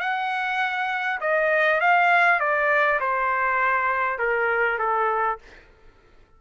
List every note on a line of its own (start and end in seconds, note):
0.00 1.20 F#5
1.21 1.81 D#5
1.81 2.40 F5
2.40 3.00 D5
3.01 4.19 C5
4.19 4.79 A#4
4.79 5.39 A4